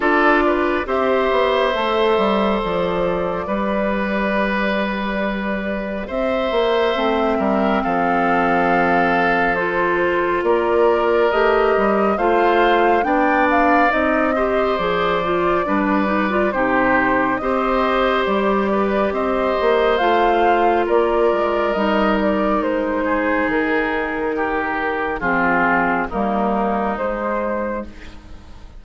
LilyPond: <<
  \new Staff \with { instrumentName = "flute" } { \time 4/4 \tempo 4 = 69 d''4 e''2 d''4~ | d''2. e''4~ | e''4 f''2 c''4 | d''4 dis''4 f''4 g''8 f''8 |
dis''4 d''2 c''4 | dis''4 d''4 dis''4 f''4 | d''4 dis''8 d''8 c''4 ais'4~ | ais'4 gis'4 ais'4 c''4 | }
  \new Staff \with { instrumentName = "oboe" } { \time 4/4 a'8 b'8 c''2. | b'2. c''4~ | c''8 ais'8 a'2. | ais'2 c''4 d''4~ |
d''8 c''4. b'4 g'4 | c''4. b'8 c''2 | ais'2~ ais'8 gis'4. | g'4 f'4 dis'2 | }
  \new Staff \with { instrumentName = "clarinet" } { \time 4/4 f'4 g'4 a'2 | g'1 | c'2. f'4~ | f'4 g'4 f'4 d'4 |
dis'8 g'8 gis'8 f'8 d'8 dis'16 f'16 dis'4 | g'2. f'4~ | f'4 dis'2.~ | dis'4 c'4 ais4 gis4 | }
  \new Staff \with { instrumentName = "bassoon" } { \time 4/4 d'4 c'8 b8 a8 g8 f4 | g2. c'8 ais8 | a8 g8 f2. | ais4 a8 g8 a4 b4 |
c'4 f4 g4 c4 | c'4 g4 c'8 ais8 a4 | ais8 gis8 g4 gis4 dis4~ | dis4 f4 g4 gis4 | }
>>